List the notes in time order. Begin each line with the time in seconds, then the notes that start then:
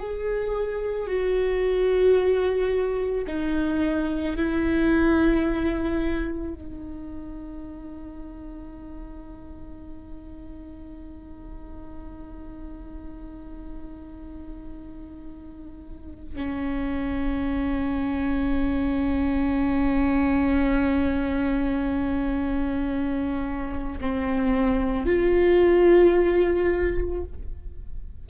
0.00 G#4
1.07 F#4
3.27 D#4
4.36 E4
6.54 D#4
16.35 C#4
24.00 C4
25.06 F4